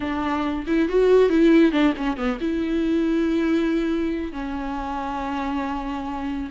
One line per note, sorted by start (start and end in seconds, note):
0.00 0.65 D4
0.66 0.88 E4
0.88 1.29 F#4
1.29 1.72 E4
1.72 1.93 D4
1.96 2.16 C#4
2.16 2.38 B3
2.40 4.32 E4
4.32 6.49 C#4